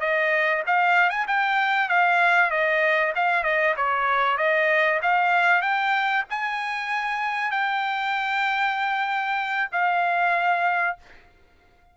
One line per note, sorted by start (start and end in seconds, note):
0.00 0.62 D#5
0.66 1.10 F5
1.10 1.25 G#5
1.27 1.89 G5
1.89 2.50 F5
2.50 3.13 D#5
3.15 3.43 F5
3.43 3.74 D#5
3.76 4.37 C#5
4.37 5.00 D#5
5.02 5.61 F5
5.61 6.24 G5
6.30 7.51 G#5
7.51 9.69 G5
9.72 10.97 F5